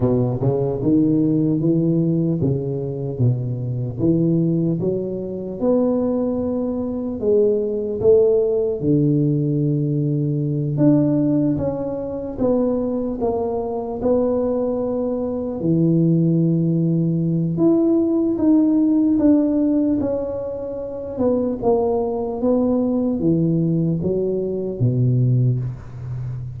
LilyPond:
\new Staff \with { instrumentName = "tuba" } { \time 4/4 \tempo 4 = 75 b,8 cis8 dis4 e4 cis4 | b,4 e4 fis4 b4~ | b4 gis4 a4 d4~ | d4. d'4 cis'4 b8~ |
b8 ais4 b2 e8~ | e2 e'4 dis'4 | d'4 cis'4. b8 ais4 | b4 e4 fis4 b,4 | }